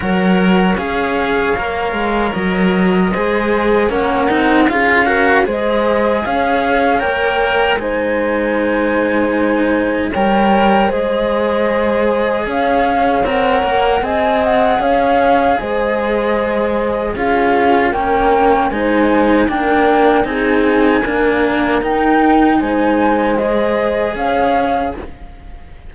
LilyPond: <<
  \new Staff \with { instrumentName = "flute" } { \time 4/4 \tempo 4 = 77 fis''4 f''2 dis''4~ | dis''4 fis''4 f''4 dis''4 | f''4 g''4 gis''2~ | gis''4 g''4 dis''2 |
f''4 fis''4 gis''8 fis''8 f''4 | dis''2 f''4 g''4 | gis''4 g''4 gis''2 | g''4 gis''4 dis''4 f''4 | }
  \new Staff \with { instrumentName = "horn" } { \time 4/4 cis''1 | c''4 ais'4 gis'8 ais'8 c''4 | cis''2 c''2~ | c''4 cis''4 c''2 |
cis''2 dis''4 cis''4 | c''2 gis'4 ais'4 | c''4 ais'4 gis'4 ais'4~ | ais'4 c''2 cis''4 | }
  \new Staff \with { instrumentName = "cello" } { \time 4/4 ais'4 gis'4 ais'2 | gis'4 cis'8 dis'8 f'8 fis'8 gis'4~ | gis'4 ais'4 dis'2~ | dis'4 ais'4 gis'2~ |
gis'4 ais'4 gis'2~ | gis'2 f'4 cis'4 | dis'4 d'4 dis'4 ais4 | dis'2 gis'2 | }
  \new Staff \with { instrumentName = "cello" } { \time 4/4 fis4 cis'4 ais8 gis8 fis4 | gis4 ais8 c'8 cis'4 gis4 | cis'4 ais4 gis2~ | gis4 g4 gis2 |
cis'4 c'8 ais8 c'4 cis'4 | gis2 cis'4 ais4 | gis4 ais4 c'4 d'4 | dis'4 gis2 cis'4 | }
>>